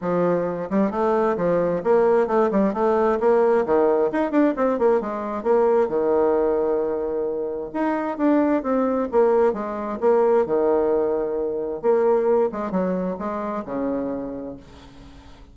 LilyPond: \new Staff \with { instrumentName = "bassoon" } { \time 4/4 \tempo 4 = 132 f4. g8 a4 f4 | ais4 a8 g8 a4 ais4 | dis4 dis'8 d'8 c'8 ais8 gis4 | ais4 dis2.~ |
dis4 dis'4 d'4 c'4 | ais4 gis4 ais4 dis4~ | dis2 ais4. gis8 | fis4 gis4 cis2 | }